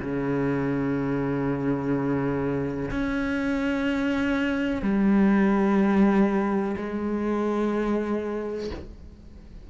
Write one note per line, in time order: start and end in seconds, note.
0.00 2.90 C#3
2.90 4.82 C#4
4.82 6.76 G3
6.77 8.70 G#3